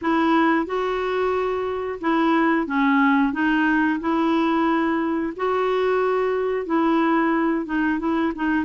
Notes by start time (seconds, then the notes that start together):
0.01 E4
0.65 F#4
2.00 E4
2.67 C#4
3.32 D#4
4.00 E4
5.36 F#4
6.65 E4
7.65 D#4
7.99 E4
8.35 D#4